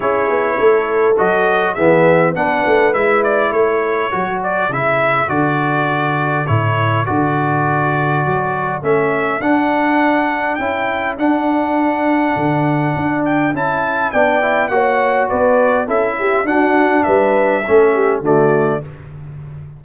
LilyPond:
<<
  \new Staff \with { instrumentName = "trumpet" } { \time 4/4 \tempo 4 = 102 cis''2 dis''4 e''4 | fis''4 e''8 d''8 cis''4. d''8 | e''4 d''2 cis''4 | d''2. e''4 |
fis''2 g''4 fis''4~ | fis''2~ fis''8 g''8 a''4 | g''4 fis''4 d''4 e''4 | fis''4 e''2 d''4 | }
  \new Staff \with { instrumentName = "horn" } { \time 4/4 gis'4 a'2 gis'4 | b'2 a'2~ | a'1~ | a'1~ |
a'1~ | a'1 | d''4 cis''4 b'4 a'8 g'8 | fis'4 b'4 a'8 g'8 fis'4 | }
  \new Staff \with { instrumentName = "trombone" } { \time 4/4 e'2 fis'4 b4 | d'4 e'2 fis'4 | e'4 fis'2 e'4 | fis'2. cis'4 |
d'2 e'4 d'4~ | d'2. e'4 | d'8 e'8 fis'2 e'4 | d'2 cis'4 a4 | }
  \new Staff \with { instrumentName = "tuba" } { \time 4/4 cis'8 b8 a4 fis4 e4 | b8 a8 gis4 a4 fis4 | cis4 d2 a,4 | d2 fis4 a4 |
d'2 cis'4 d'4~ | d'4 d4 d'4 cis'4 | b4 ais4 b4 cis'4 | d'4 g4 a4 d4 | }
>>